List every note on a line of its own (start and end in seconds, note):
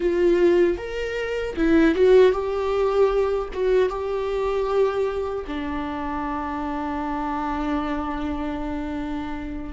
0.00 0.77 F4
0.77 1.55 A#4
1.56 1.94 E4
1.94 2.32 F#4
2.32 3.49 G4
3.53 3.89 F#4
3.89 5.44 G4
5.47 9.73 D4